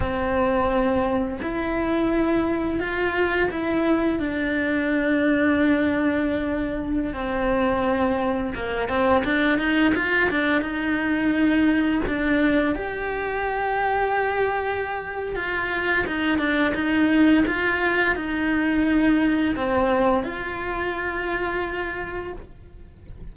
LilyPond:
\new Staff \with { instrumentName = "cello" } { \time 4/4 \tempo 4 = 86 c'2 e'2 | f'4 e'4 d'2~ | d'2~ d'16 c'4.~ c'16~ | c'16 ais8 c'8 d'8 dis'8 f'8 d'8 dis'8.~ |
dis'4~ dis'16 d'4 g'4.~ g'16~ | g'2 f'4 dis'8 d'8 | dis'4 f'4 dis'2 | c'4 f'2. | }